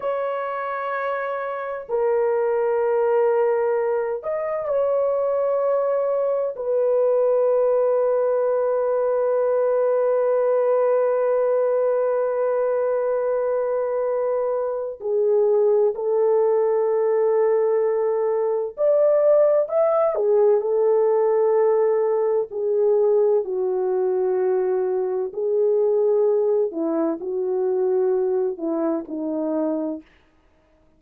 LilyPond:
\new Staff \with { instrumentName = "horn" } { \time 4/4 \tempo 4 = 64 cis''2 ais'2~ | ais'8 dis''8 cis''2 b'4~ | b'1~ | b'1 |
gis'4 a'2. | d''4 e''8 gis'8 a'2 | gis'4 fis'2 gis'4~ | gis'8 e'8 fis'4. e'8 dis'4 | }